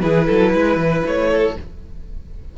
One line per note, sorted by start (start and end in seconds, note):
0.00 0.28 E3
0.00 1.54 E4
0.00 0.26 G#4
0.00 1.02 B4
0.26 0.54 F#3
0.26 0.52 A4
0.53 0.76 G#3
0.53 1.29 B4
0.76 1.02 E3
1.05 1.56 A3
1.05 1.57 C#5
1.31 1.56 A4